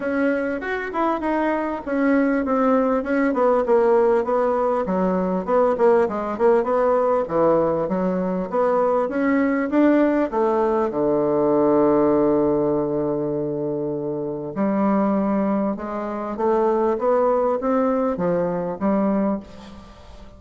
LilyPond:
\new Staff \with { instrumentName = "bassoon" } { \time 4/4 \tempo 4 = 99 cis'4 fis'8 e'8 dis'4 cis'4 | c'4 cis'8 b8 ais4 b4 | fis4 b8 ais8 gis8 ais8 b4 | e4 fis4 b4 cis'4 |
d'4 a4 d2~ | d1 | g2 gis4 a4 | b4 c'4 f4 g4 | }